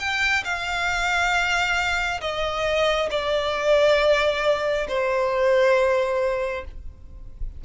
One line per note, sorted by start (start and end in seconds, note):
0.00 0.44 G5
0.45 2.21 F5
2.22 3.10 D#5
3.11 4.87 D5
4.89 6.65 C5